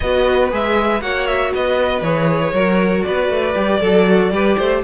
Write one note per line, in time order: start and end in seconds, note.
0.00 0.52 B3
0.00 0.50 F#4
0.00 1.02 B4
0.00 0.50 D#5
0.50 1.01 G#3
0.50 1.01 G#4
0.50 1.01 E5
1.01 1.52 A#3
1.01 2.03 F#4
1.01 1.53 C#5
1.01 1.26 F#5
1.26 1.52 E5
1.54 2.01 B3
1.54 2.53 B4
1.54 2.03 D#5
2.01 2.52 E3
2.01 2.54 G#4
2.01 3.02 C#5
2.52 3.03 F#3
2.52 3.55 F#4
2.52 3.04 A#4
3.02 3.29 B3
3.02 3.80 B4
3.02 4.80 D5
3.29 3.54 A3
3.55 3.81 G3
3.55 3.80 G4
3.80 4.31 F#3
3.80 4.05 A4
3.80 4.32 A4
4.08 4.33 F#4
4.31 4.56 G3
4.31 4.83 G4
4.31 4.57 B4
4.57 4.83 A3
4.57 4.82 C5